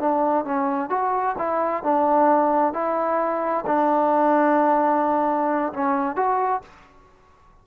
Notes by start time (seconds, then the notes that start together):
0.00 D4
0.45 C#4
0.90 F#4
1.38 E4
1.83 D4
2.73 E4
3.67 D4
5.73 C#4
6.16 F#4